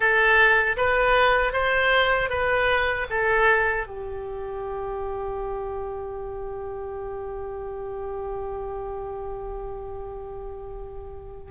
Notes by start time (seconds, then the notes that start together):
0.00 A4
0.77 B4
1.52 C5
2.29 B4
3.10 A4
3.86 G4